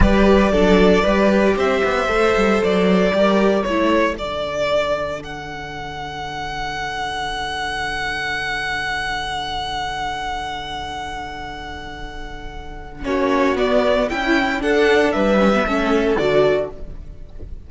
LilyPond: <<
  \new Staff \with { instrumentName = "violin" } { \time 4/4 \tempo 4 = 115 d''2. e''4~ | e''4 d''2 cis''4 | d''2 fis''2~ | fis''1~ |
fis''1~ | fis''1~ | fis''4 cis''4 d''4 g''4 | fis''4 e''2 d''4 | }
  \new Staff \with { instrumentName = "violin" } { \time 4/4 b'4 a'4 b'4 c''4~ | c''2 ais'4 a'4~ | a'1~ | a'1~ |
a'1~ | a'1~ | a'4 fis'2 e'4 | a'4 b'4 a'2 | }
  \new Staff \with { instrumentName = "viola" } { \time 4/4 g'4 d'4 g'2 | a'2 g'4 e'4 | d'1~ | d'1~ |
d'1~ | d'1~ | d'4 cis'4 b4 e'4 | d'4. cis'16 b16 cis'4 fis'4 | }
  \new Staff \with { instrumentName = "cello" } { \time 4/4 g4 fis4 g4 c'8 b8 | a8 g8 fis4 g4 a4 | d1~ | d1~ |
d1~ | d1~ | d4 ais4 b4 cis'4 | d'4 g4 a4 d4 | }
>>